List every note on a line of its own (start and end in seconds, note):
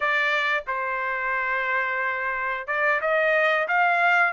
0.00 0.64 D5
0.67 2.67 C5
2.67 3.00 D5
3.01 3.67 D#5
3.68 4.32 F5